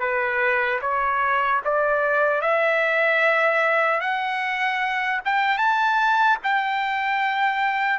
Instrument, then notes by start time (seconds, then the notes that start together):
trumpet
0.00 B4
0.81 C#5
1.64 D5
2.41 E5
4.01 F#5
5.25 G5
5.58 A5
6.43 G5